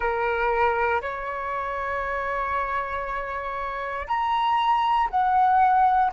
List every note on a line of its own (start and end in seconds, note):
0.00 1.01 A#4
1.01 4.06 C#5
4.07 5.08 A#5
5.09 6.11 F#5